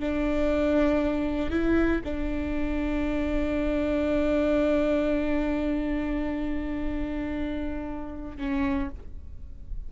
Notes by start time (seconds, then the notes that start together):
0.00 D4
1.50 E4
2.04 D4
8.38 C#4